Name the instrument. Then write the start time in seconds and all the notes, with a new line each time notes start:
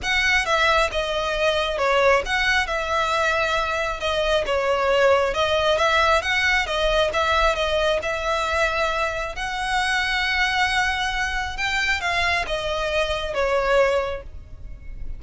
violin
0.02 F#5
0.45 E5
0.91 D#5
1.78 C#5
2.25 F#5
2.66 E5
4.00 D#5
4.46 C#5
5.34 D#5
5.77 E5
6.22 F#5
6.66 D#5
7.13 E5
7.55 D#5
8.02 E5
9.35 F#5
11.57 G5
12.00 F5
12.46 D#5
13.34 C#5